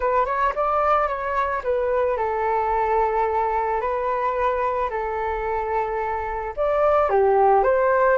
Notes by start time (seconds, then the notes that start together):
0.00 B4
0.25 C#5
0.55 D5
1.08 C#5
1.63 B4
2.17 A4
3.80 B4
4.90 A4
6.56 D5
7.09 G4
7.63 C5